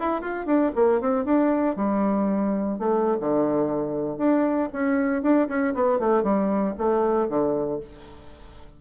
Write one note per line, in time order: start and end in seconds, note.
0.00 0.22 E4
0.22 0.47 F4
0.47 0.72 D4
0.76 1.01 A#3
1.01 1.25 C4
1.25 1.76 D4
1.77 2.79 G3
2.79 3.18 A3
3.21 4.18 D3
4.18 4.70 D4
4.73 5.23 C#4
5.23 5.48 D4
5.49 5.75 C#4
5.75 6.00 B3
6.00 6.24 A3
6.24 6.75 G3
6.79 7.29 A3
7.29 7.81 D3